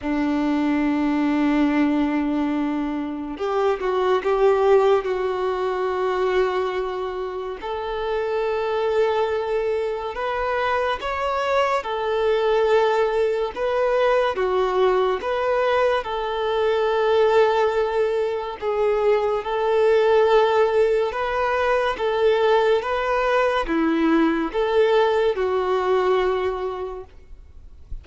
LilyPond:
\new Staff \with { instrumentName = "violin" } { \time 4/4 \tempo 4 = 71 d'1 | g'8 fis'8 g'4 fis'2~ | fis'4 a'2. | b'4 cis''4 a'2 |
b'4 fis'4 b'4 a'4~ | a'2 gis'4 a'4~ | a'4 b'4 a'4 b'4 | e'4 a'4 fis'2 | }